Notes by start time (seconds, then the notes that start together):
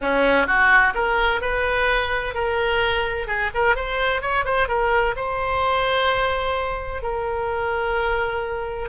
0.01 C#4
0.46 F#4
0.94 A#4
1.41 B4
2.34 A#4
3.27 G#4
3.54 A#4
3.75 C5
4.21 C#5
4.44 C5
4.68 A#4
5.16 C5
7.02 A#4